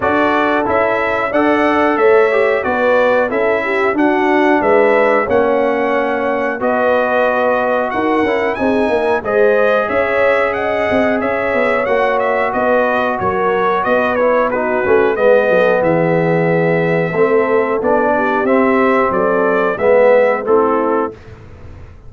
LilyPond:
<<
  \new Staff \with { instrumentName = "trumpet" } { \time 4/4 \tempo 4 = 91 d''4 e''4 fis''4 e''4 | d''4 e''4 fis''4 e''4 | fis''2 dis''2 | fis''4 gis''4 dis''4 e''4 |
fis''4 e''4 fis''8 e''8 dis''4 | cis''4 dis''8 cis''8 b'4 dis''4 | e''2. d''4 | e''4 d''4 e''4 a'4 | }
  \new Staff \with { instrumentName = "horn" } { \time 4/4 a'2 d''4 cis''4 | b'4 a'8 g'8 fis'4 b'4 | cis''2 b'2 | ais'4 gis'8 ais'8 c''4 cis''4 |
dis''4 cis''2 b'4 | ais'4 b'4 fis'4 b'8 a'8 | gis'2 a'4. g'8~ | g'4 a'4 b'4 e'4 | }
  \new Staff \with { instrumentName = "trombone" } { \time 4/4 fis'4 e'4 a'4. g'8 | fis'4 e'4 d'2 | cis'2 fis'2~ | fis'8 e'8 dis'4 gis'2~ |
gis'2 fis'2~ | fis'4. e'8 dis'8 cis'8 b4~ | b2 c'4 d'4 | c'2 b4 c'4 | }
  \new Staff \with { instrumentName = "tuba" } { \time 4/4 d'4 cis'4 d'4 a4 | b4 cis'4 d'4 gis4 | ais2 b2 | dis'8 cis'8 c'8 ais8 gis4 cis'4~ |
cis'8 c'8 cis'8 b8 ais4 b4 | fis4 b4. a8 gis8 fis8 | e2 a4 b4 | c'4 fis4 gis4 a4 | }
>>